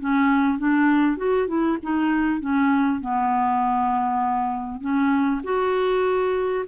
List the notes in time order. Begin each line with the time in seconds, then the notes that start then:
0.00 C#4
0.58 D4
1.17 F#4
1.48 E4
1.83 D#4
2.40 C#4
3.01 B3
4.81 C#4
5.44 F#4